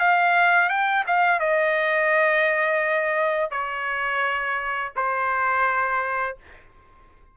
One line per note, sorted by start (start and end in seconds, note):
0.00 0.69 F5
0.69 1.05 G5
1.07 1.40 F5
1.40 3.51 D#5
3.51 4.92 C#5
4.96 6.37 C5